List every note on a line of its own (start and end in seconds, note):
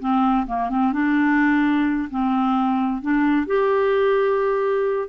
0.00 0.47 C4
0.47 0.70 A#3
0.70 0.93 C4
0.93 2.09 D4
2.10 3.02 C4
3.02 3.47 D4
3.47 5.09 G4